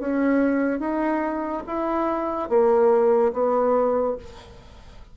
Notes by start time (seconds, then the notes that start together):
0.00 C#4
0.80 D#4
1.67 E4
2.50 A#3
3.33 B3